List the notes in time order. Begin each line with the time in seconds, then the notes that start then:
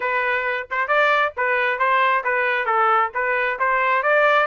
0.00 B4
0.70 C5
0.87 D5
1.36 B4
1.78 C5
2.24 B4
2.65 A4
3.13 B4
3.59 C5
4.02 D5